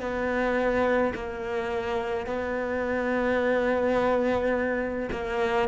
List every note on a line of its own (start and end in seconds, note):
0.00 1.13 B3
1.15 2.26 A#3
2.26 5.09 B3
5.12 5.69 A#3